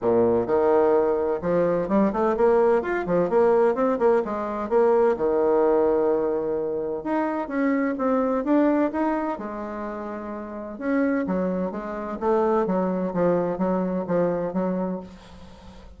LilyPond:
\new Staff \with { instrumentName = "bassoon" } { \time 4/4 \tempo 4 = 128 ais,4 dis2 f4 | g8 a8 ais4 f'8 f8 ais4 | c'8 ais8 gis4 ais4 dis4~ | dis2. dis'4 |
cis'4 c'4 d'4 dis'4 | gis2. cis'4 | fis4 gis4 a4 fis4 | f4 fis4 f4 fis4 | }